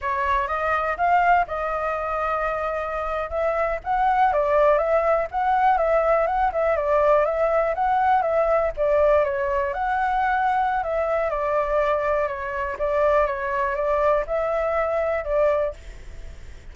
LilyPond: \new Staff \with { instrumentName = "flute" } { \time 4/4 \tempo 4 = 122 cis''4 dis''4 f''4 dis''4~ | dis''2~ dis''8. e''4 fis''16~ | fis''8. d''4 e''4 fis''4 e''16~ | e''8. fis''8 e''8 d''4 e''4 fis''16~ |
fis''8. e''4 d''4 cis''4 fis''16~ | fis''2 e''4 d''4~ | d''4 cis''4 d''4 cis''4 | d''4 e''2 d''4 | }